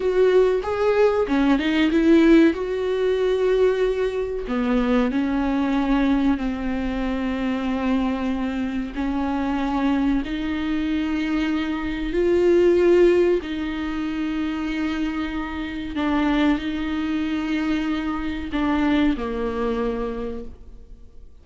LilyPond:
\new Staff \with { instrumentName = "viola" } { \time 4/4 \tempo 4 = 94 fis'4 gis'4 cis'8 dis'8 e'4 | fis'2. b4 | cis'2 c'2~ | c'2 cis'2 |
dis'2. f'4~ | f'4 dis'2.~ | dis'4 d'4 dis'2~ | dis'4 d'4 ais2 | }